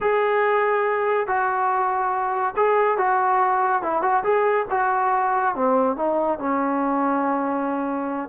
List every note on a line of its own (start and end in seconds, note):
0.00 1.27 G#4
1.27 2.55 F#4
2.56 2.97 G#4
2.97 3.82 F#4
3.82 4.01 E4
4.01 4.23 F#4
4.23 4.66 G#4
4.70 5.55 F#4
5.55 5.96 C4
5.96 6.38 D#4
6.38 8.29 C#4